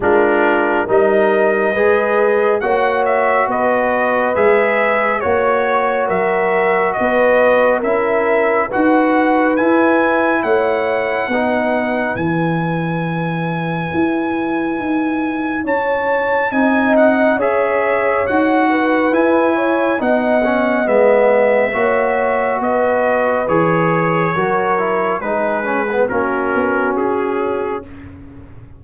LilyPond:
<<
  \new Staff \with { instrumentName = "trumpet" } { \time 4/4 \tempo 4 = 69 ais'4 dis''2 fis''8 e''8 | dis''4 e''4 cis''4 e''4 | dis''4 e''4 fis''4 gis''4 | fis''2 gis''2~ |
gis''2 a''4 gis''8 fis''8 | e''4 fis''4 gis''4 fis''4 | e''2 dis''4 cis''4~ | cis''4 b'4 ais'4 gis'4 | }
  \new Staff \with { instrumentName = "horn" } { \time 4/4 f'4 ais'4 b'4 cis''4 | b'2 cis''4 ais'4 | b'4 ais'4 b'2 | cis''4 b'2.~ |
b'2 cis''4 dis''4 | cis''4. b'4 cis''8 dis''4~ | dis''4 cis''4 b'2 | ais'4 gis'4 fis'2 | }
  \new Staff \with { instrumentName = "trombone" } { \time 4/4 d'4 dis'4 gis'4 fis'4~ | fis'4 gis'4 fis'2~ | fis'4 e'4 fis'4 e'4~ | e'4 dis'4 e'2~ |
e'2. dis'4 | gis'4 fis'4 e'4 dis'8 cis'8 | b4 fis'2 gis'4 | fis'8 e'8 dis'8 cis'16 b16 cis'2 | }
  \new Staff \with { instrumentName = "tuba" } { \time 4/4 gis4 g4 gis4 ais4 | b4 gis4 ais4 fis4 | b4 cis'4 dis'4 e'4 | a4 b4 e2 |
e'4 dis'4 cis'4 c'4 | cis'4 dis'4 e'4 b4 | gis4 ais4 b4 e4 | fis4 gis4 ais8 b8 cis'4 | }
>>